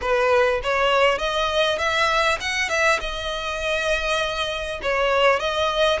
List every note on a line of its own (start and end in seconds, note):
0.01 0.61 B4
0.63 1.18 C#5
1.18 1.78 D#5
1.78 2.38 E5
2.40 2.69 F#5
2.69 2.99 E5
3.00 4.80 D#5
4.82 5.39 C#5
5.39 5.99 D#5